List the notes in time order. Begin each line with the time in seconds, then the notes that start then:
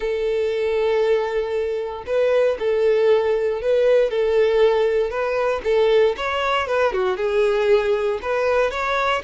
0.00 A4
2.06 B4
2.59 A4
3.61 B4
4.10 A4
5.10 B4
5.64 A4
6.16 C#5
6.67 B4
6.92 F#4
7.17 G#4
8.22 B4
8.70 C#5